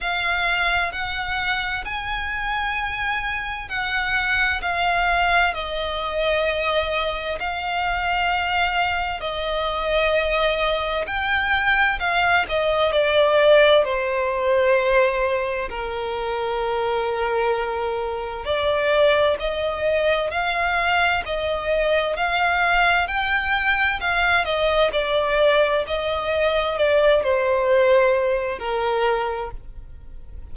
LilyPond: \new Staff \with { instrumentName = "violin" } { \time 4/4 \tempo 4 = 65 f''4 fis''4 gis''2 | fis''4 f''4 dis''2 | f''2 dis''2 | g''4 f''8 dis''8 d''4 c''4~ |
c''4 ais'2. | d''4 dis''4 f''4 dis''4 | f''4 g''4 f''8 dis''8 d''4 | dis''4 d''8 c''4. ais'4 | }